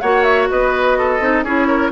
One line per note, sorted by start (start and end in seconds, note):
0.00 0.49 A#3
0.00 1.20 F#4
0.00 0.48 C#5
0.00 0.23 F#5
0.23 0.47 E5
0.50 1.20 B3
0.50 0.98 B4
0.50 1.44 D#5
0.98 1.44 A4
1.20 1.43 C4
1.20 1.44 D#4
1.43 1.90 C#4
1.43 1.92 E4
1.43 1.67 G#4
1.43 1.92 C#5
1.67 1.91 A#4